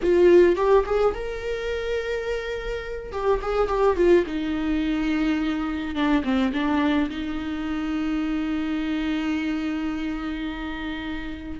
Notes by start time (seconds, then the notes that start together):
0.02 F4
0.56 G4
0.86 G#4
1.14 A#4
3.11 G4
3.41 G#4
3.68 G4
3.96 F4
4.26 D#4
5.95 D4
6.23 C4
6.53 D4
7.09 D#4